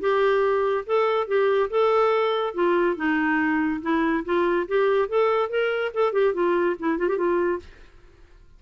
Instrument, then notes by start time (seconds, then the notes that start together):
clarinet
0.00 G4
0.86 A4
1.28 G4
1.70 A4
2.54 F4
2.96 D#4
3.82 E4
4.25 F4
4.68 G4
5.08 A4
5.49 A#4
5.94 A4
6.13 G4
6.34 F4
6.80 E4
6.98 F4
7.09 G4
7.17 F4